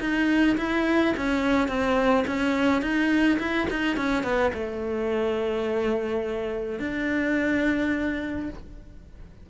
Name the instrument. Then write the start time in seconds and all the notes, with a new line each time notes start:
cello
0.00 D#4
0.57 E4
1.17 C#4
1.68 C4
2.27 C#4
2.81 D#4
3.39 E4
3.70 D#4
3.96 C#4
4.23 B3
4.54 A3
6.79 D4